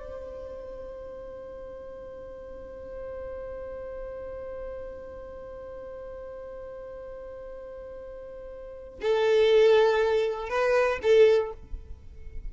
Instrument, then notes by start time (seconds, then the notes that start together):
violin
0.00 C5
9.02 A4
10.50 B4
11.03 A4